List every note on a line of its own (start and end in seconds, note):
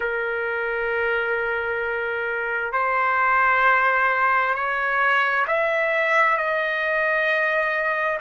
0.00 2.72 A#4
2.72 4.54 C5
4.54 5.45 C#5
5.47 6.37 E5
6.37 8.19 D#5